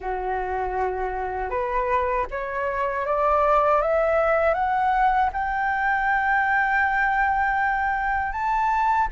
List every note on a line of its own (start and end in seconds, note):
0.00 1.50 F#4
1.50 2.26 B4
2.30 3.06 C#5
3.06 3.81 D5
3.81 4.54 E5
4.54 5.30 F#5
5.32 8.32 G5
8.32 9.08 A5